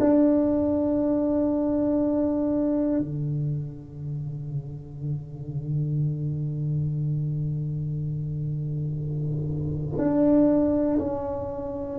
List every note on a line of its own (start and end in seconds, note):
0.00 3.00 D4
3.00 9.99 D3
9.99 10.99 D4
10.99 11.99 C#4